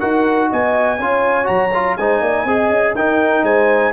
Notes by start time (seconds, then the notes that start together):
0.00 D#4 F#4 A#4 F#5
0.49 B3 D#5 G#5
0.98 C#4 F4 C#5
1.44 F#3 F#4 A#5
1.74 F4
1.97 G#3 D#4 C5 G#5
2.21 A#3 D5
2.45 C4 G#4 D#5
2.69 C#4
2.95 D#4 A#4 G5
3.43 G#3 C5 G#5